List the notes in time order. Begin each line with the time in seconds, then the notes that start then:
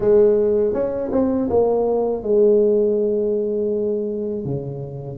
0.00 G#3
0.73 C#4
1.12 C4
1.49 A#3
2.22 G#3
4.44 C#3